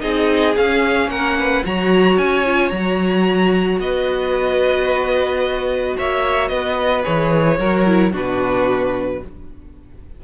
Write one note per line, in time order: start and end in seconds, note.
0.00 0.57 C4
0.00 0.54 D#4
0.00 1.10 G#4
0.00 0.55 D#5
0.56 1.64 C#4
0.56 1.08 C#4
0.56 1.10 F5
1.08 1.62 A#3
1.08 1.38 A#4
1.08 1.64 F#5
1.39 1.66 B4
1.64 2.18 F#3
1.64 2.45 F#4
1.64 3.82 C#5
1.64 2.19 A#5
2.18 2.72 C#4
2.18 2.70 G#5
2.46 2.73 F4
2.70 3.79 F#3
2.70 7.03 F#4
2.70 3.78 A#5
3.79 5.96 B3
3.79 5.97 B4
3.79 5.97 D#5
5.97 6.51 A#3
5.97 6.50 C#5
5.97 6.49 E5
6.49 7.05 B3
6.49 7.58 B4
6.49 7.03 D#5
7.03 7.59 E3
7.03 7.57 G#4
7.03 8.13 C#5
7.59 8.13 F#3
7.59 7.87 F#4
7.59 8.13 A#4
7.87 8.13 E4
8.13 9.22 B2
8.13 9.21 D4
8.13 9.21 F#4
8.13 9.25 B4